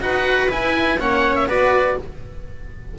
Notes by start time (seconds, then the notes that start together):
0.00 D#4 F#4 B4 F#5
0.49 E4 G#5
0.98 A#3 C#4 C#5 F#5
1.35 E5
1.46 B3 F#4 B4 D5